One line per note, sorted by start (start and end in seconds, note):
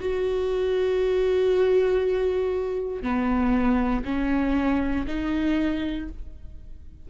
0.00 3.02 F#4
3.02 4.04 B3
4.04 5.06 C#4
5.07 6.09 D#4